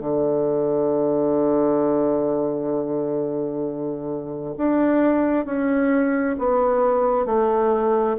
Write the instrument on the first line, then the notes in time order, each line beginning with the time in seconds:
bassoon
0.00 D3
4.57 D4
5.45 C#4
6.39 B3
7.26 A3